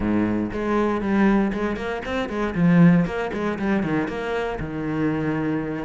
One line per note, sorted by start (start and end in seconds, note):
0.00 0.50 G#2
0.52 1.01 G#3
1.01 1.52 G3
1.53 1.76 G#3
1.76 2.02 A#3
2.05 2.29 C4
2.29 2.54 G#3
2.54 3.05 F3
3.05 3.31 A#3
3.33 3.58 G#3
3.58 3.83 G3
3.83 4.07 D#3
4.07 4.58 A#3
4.59 5.84 D#3